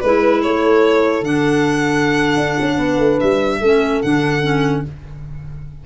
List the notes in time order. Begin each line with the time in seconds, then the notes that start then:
0.00 G#3 E4 B4
0.42 A3 A4 C#5
1.21 D3 D4 F#5
2.37 D4
2.60 C#4
2.76 B3 B4
2.98 A3
3.20 G3 E5
3.60 A3 C#4 A4
4.02 D3 D4 F#5
4.41 C#4